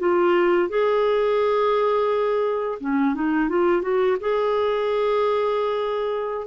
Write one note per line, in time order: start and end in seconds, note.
0.00 0.69 F4
0.69 2.79 G#4
2.81 3.15 C#4
3.15 3.49 D#4
3.49 3.82 F4
3.82 4.17 F#4
4.21 6.47 G#4